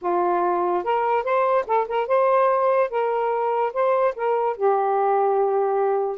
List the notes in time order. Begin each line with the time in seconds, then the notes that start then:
0.01 F4
0.84 A#4
1.23 C5
1.66 A4
1.88 A#4
2.07 C5
2.89 A#4
3.73 C5
4.15 A#4
4.56 G4